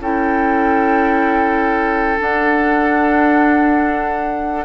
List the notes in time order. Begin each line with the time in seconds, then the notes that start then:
0.00 C#4 E4 A4 G5
2.18 D4 F#5